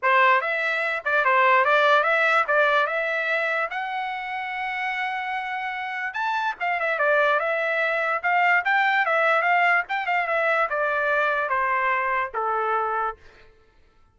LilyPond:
\new Staff \with { instrumentName = "trumpet" } { \time 4/4 \tempo 4 = 146 c''4 e''4. d''8 c''4 | d''4 e''4 d''4 e''4~ | e''4 fis''2.~ | fis''2. a''4 |
f''8 e''8 d''4 e''2 | f''4 g''4 e''4 f''4 | g''8 f''8 e''4 d''2 | c''2 a'2 | }